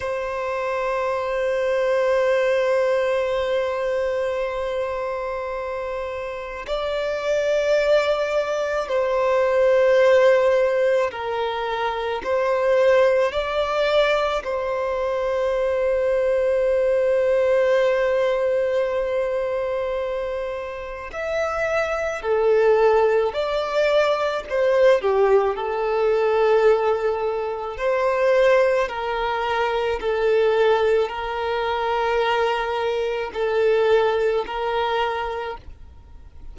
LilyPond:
\new Staff \with { instrumentName = "violin" } { \time 4/4 \tempo 4 = 54 c''1~ | c''2 d''2 | c''2 ais'4 c''4 | d''4 c''2.~ |
c''2. e''4 | a'4 d''4 c''8 g'8 a'4~ | a'4 c''4 ais'4 a'4 | ais'2 a'4 ais'4 | }